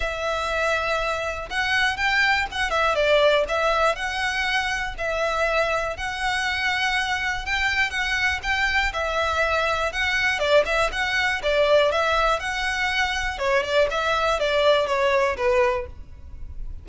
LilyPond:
\new Staff \with { instrumentName = "violin" } { \time 4/4 \tempo 4 = 121 e''2. fis''4 | g''4 fis''8 e''8 d''4 e''4 | fis''2 e''2 | fis''2. g''4 |
fis''4 g''4 e''2 | fis''4 d''8 e''8 fis''4 d''4 | e''4 fis''2 cis''8 d''8 | e''4 d''4 cis''4 b'4 | }